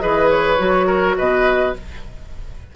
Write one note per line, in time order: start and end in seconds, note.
0.00 0.59 E3
0.00 0.58 G#4
0.00 0.87 B4
0.00 0.30 D#5
0.30 1.16 C#5
0.59 1.17 F#3
0.59 1.74 F#4
0.87 1.16 A#4
1.18 1.76 B2
1.18 1.76 B4
1.18 1.76 D#5